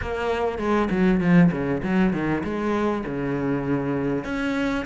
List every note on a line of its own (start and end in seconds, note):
0.01 0.58 A#3
0.58 0.88 G#3
0.90 1.20 F#3
1.20 1.50 F3
1.51 1.82 C#3
1.83 2.13 F#3
2.13 2.43 D#3
2.44 3.04 G#3
3.06 4.24 C#3
4.24 4.85 C#4